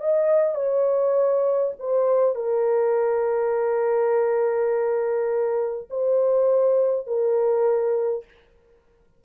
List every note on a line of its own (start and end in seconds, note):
0.00 0.55 D#5
0.55 1.73 C#5
1.79 2.35 C5
2.35 5.88 A#4
5.90 7.07 C5
7.07 8.25 A#4